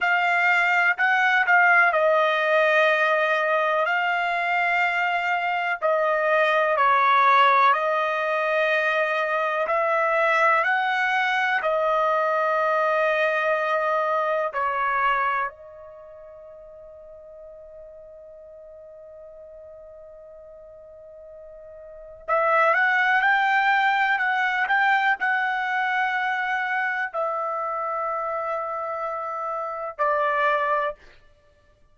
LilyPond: \new Staff \with { instrumentName = "trumpet" } { \time 4/4 \tempo 4 = 62 f''4 fis''8 f''8 dis''2 | f''2 dis''4 cis''4 | dis''2 e''4 fis''4 | dis''2. cis''4 |
dis''1~ | dis''2. e''8 fis''8 | g''4 fis''8 g''8 fis''2 | e''2. d''4 | }